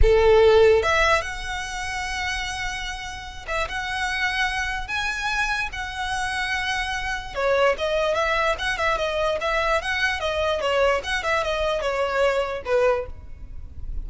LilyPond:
\new Staff \with { instrumentName = "violin" } { \time 4/4 \tempo 4 = 147 a'2 e''4 fis''4~ | fis''1~ | fis''8 e''8 fis''2. | gis''2 fis''2~ |
fis''2 cis''4 dis''4 | e''4 fis''8 e''8 dis''4 e''4 | fis''4 dis''4 cis''4 fis''8 e''8 | dis''4 cis''2 b'4 | }